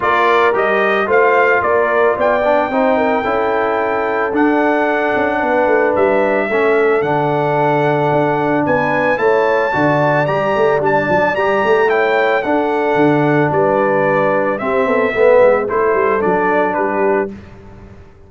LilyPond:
<<
  \new Staff \with { instrumentName = "trumpet" } { \time 4/4 \tempo 4 = 111 d''4 dis''4 f''4 d''4 | g''1 | fis''2. e''4~ | e''4 fis''2. |
gis''4 a''2 ais''4 | a''4 ais''4 g''4 fis''4~ | fis''4 d''2 e''4~ | e''4 c''4 d''4 b'4 | }
  \new Staff \with { instrumentName = "horn" } { \time 4/4 ais'2 c''4 ais'4 | d''4 c''8 ais'8 a'2~ | a'2 b'2 | a'1 |
b'4 cis''4 d''2~ | d''2 cis''4 a'4~ | a'4 b'2 g'8 a'8 | b'4 a'2 g'4 | }
  \new Staff \with { instrumentName = "trombone" } { \time 4/4 f'4 g'4 f'2~ | f'8 d'8 dis'4 e'2 | d'1 | cis'4 d'2.~ |
d'4 e'4 fis'4 g'4 | d'4 g'4 e'4 d'4~ | d'2. c'4 | b4 e'4 d'2 | }
  \new Staff \with { instrumentName = "tuba" } { \time 4/4 ais4 g4 a4 ais4 | b4 c'4 cis'2 | d'4. cis'8 b8 a8 g4 | a4 d2 d'4 |
b4 a4 d4 g8 a8 | g8 fis8 g8 a4. d'4 | d4 g2 c'8 b8 | a8 gis8 a8 g8 fis4 g4 | }
>>